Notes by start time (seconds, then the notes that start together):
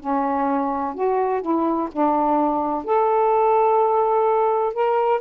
0.00 C#4
0.94 F#4
1.42 E4
1.92 D4
2.85 A4
4.74 A#4